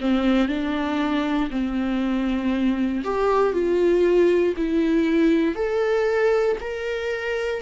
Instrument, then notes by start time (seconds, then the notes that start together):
viola
0.00 C4
0.48 D4
1.50 C4
3.04 G4
3.53 F4
4.57 E4
5.55 A4
6.60 A#4